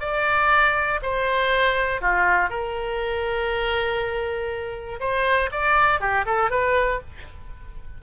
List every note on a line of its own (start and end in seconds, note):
0.00 1.00 D5
1.02 2.01 C5
2.01 2.50 F4
2.50 5.00 A#4
5.00 5.50 C5
5.52 6.00 D5
6.00 6.25 G4
6.25 6.50 A4
6.50 7.00 B4